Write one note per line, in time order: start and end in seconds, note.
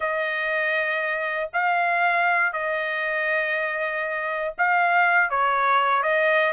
0.00 1.49 D#5
1.53 2.52 F5
2.52 4.54 D#5
4.57 5.30 F5
5.30 6.02 C#5
6.02 6.53 D#5